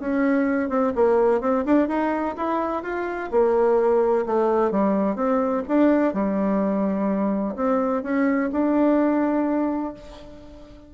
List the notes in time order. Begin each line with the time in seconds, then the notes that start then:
0.00 C#4
0.70 C4
0.96 A#3
1.41 C4
1.65 D4
1.88 D#4
2.37 E4
2.83 F4
3.32 A#3
4.26 A3
4.72 G3
5.16 C4
5.68 D4
6.14 G3
7.56 C4
8.03 C#4
8.52 D4